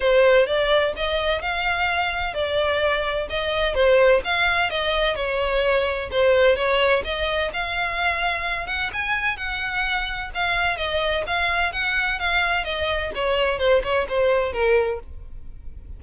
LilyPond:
\new Staff \with { instrumentName = "violin" } { \time 4/4 \tempo 4 = 128 c''4 d''4 dis''4 f''4~ | f''4 d''2 dis''4 | c''4 f''4 dis''4 cis''4~ | cis''4 c''4 cis''4 dis''4 |
f''2~ f''8 fis''8 gis''4 | fis''2 f''4 dis''4 | f''4 fis''4 f''4 dis''4 | cis''4 c''8 cis''8 c''4 ais'4 | }